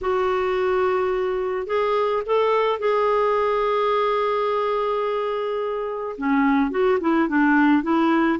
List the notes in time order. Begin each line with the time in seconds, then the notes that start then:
0.01 F#4
1.66 G#4
2.26 A4
2.79 G#4
6.17 C#4
6.70 F#4
7.00 E4
7.28 D4
7.82 E4